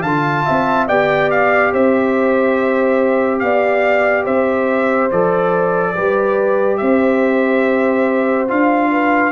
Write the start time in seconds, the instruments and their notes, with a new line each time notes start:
0.00 tuba D3, horn F5, trumpet A5
0.06 trombone F4
0.45 tuba C4, horn E5
0.87 tuba B3, trombone G4, horn D5, trumpet G5
1.30 trumpet F5
1.72 tuba C4, horn C5, trumpet E5
3.39 tuba B3, horn D5, trumpet F5
4.24 tuba C4, horn C5, trumpet E5
5.11 tuba F3, trombone A4, trumpet D5
5.94 tuba G3, trombone G4, horn B4
6.77 tuba C4, horn C5, trumpet E5
8.48 tuba D4, trombone F4, trumpet F5
8.91 horn B4